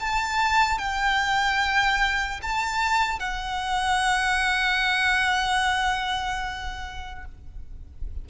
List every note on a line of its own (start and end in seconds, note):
0.00 0.79 A5
0.79 2.41 G5
2.42 3.20 A5
3.20 7.25 F#5